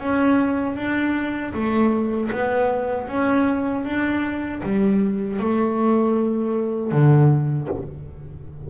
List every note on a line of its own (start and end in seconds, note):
0.00 0.77 C#4
0.77 1.53 D4
1.54 2.31 A3
2.32 3.08 B3
3.08 3.85 C#4
3.85 4.62 D4
4.63 5.40 G3
5.40 6.92 A3
6.92 7.69 D3